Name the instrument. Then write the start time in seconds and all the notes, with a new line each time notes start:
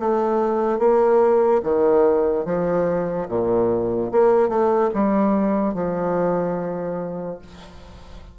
bassoon
0.00 A3
0.79 A#3
1.64 D#3
2.46 F3
3.29 A#2
4.12 A#3
4.49 A3
4.94 G3
5.75 F3